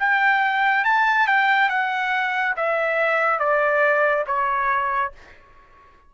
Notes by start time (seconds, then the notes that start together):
0.00 G5
0.85 A5
1.27 G5
1.69 F#5
2.56 E5
3.39 D5
4.27 C#5